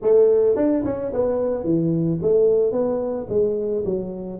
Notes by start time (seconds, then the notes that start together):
0.02 A3
0.56 D4
0.84 C#4
1.13 B3
1.64 E3
2.22 A3
2.72 B3
3.29 G#3
3.85 F#3